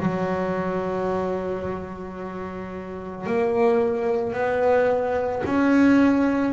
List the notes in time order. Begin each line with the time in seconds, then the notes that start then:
0.00 F#3
3.27 A#3
4.33 B3
5.46 C#4